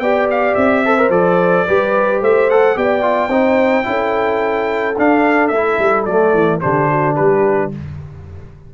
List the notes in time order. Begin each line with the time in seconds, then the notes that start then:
0.00 B3 G4 D5 G5
0.31 F5
0.55 C4 E5
0.86 A4 C5
0.99 A#4
1.10 F3 A4 D5
1.67 G3 G4 B4
2.22 A3 C5 E5
2.50 A4 F#5
2.76 B3 G4 D5 G5
3.02 F4
3.30 C4 D#4 C5
3.84 C#4 E4 A4
4.99 D4 F5
5.48 A3 E5
5.55 E4
5.79 G3
6.06 F#3 A3 D5
6.34 E3
6.61 D3 D4 G4 C5
6.90 F#4
7.15 G3 G4 B4